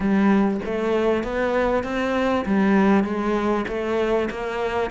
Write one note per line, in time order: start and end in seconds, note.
0.00 0.60 G3
0.65 1.23 A3
1.23 1.83 B3
1.83 2.45 C4
2.45 3.04 G3
3.04 3.65 G#3
3.68 4.29 A3
4.30 4.90 A#3